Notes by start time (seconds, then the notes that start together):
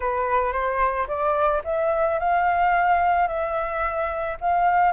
0.00 B4
0.52 C5
1.07 D5
1.64 E5
2.19 F5
3.27 E5
4.41 F5